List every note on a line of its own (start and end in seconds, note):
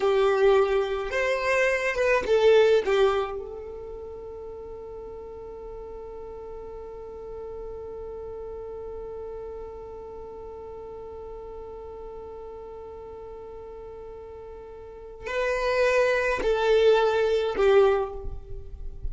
0.00 1.10 G4
1.10 1.95 C5
1.95 2.23 B4
2.26 2.83 A4
2.85 3.38 G4
3.38 15.26 A4
15.26 16.39 B4
16.42 17.55 A4
17.56 18.13 G4